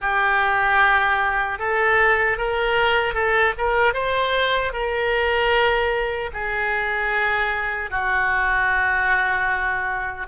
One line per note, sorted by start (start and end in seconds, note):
0.01 1.59 G4
1.59 2.37 A4
2.37 3.14 A#4
3.14 3.53 A4
3.58 3.93 A#4
3.93 4.72 C5
4.72 6.30 A#4
6.33 7.90 G#4
7.90 10.27 F#4